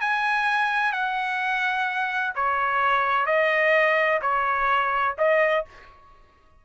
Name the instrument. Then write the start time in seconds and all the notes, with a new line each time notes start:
trumpet
0.00 G#5
0.92 F#5
2.35 C#5
3.26 D#5
4.21 C#5
5.18 D#5